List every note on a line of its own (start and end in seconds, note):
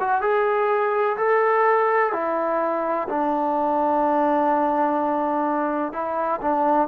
0.00 0.22 F#4
0.22 1.17 G#4
1.17 2.13 A4
2.13 3.08 E4
3.09 5.93 D4
5.93 6.40 E4
6.42 6.88 D4